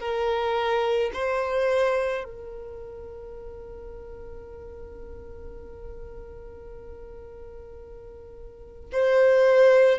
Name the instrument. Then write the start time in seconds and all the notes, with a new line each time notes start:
violin
0.00 A#4
1.13 C5
2.24 A#4
8.92 C5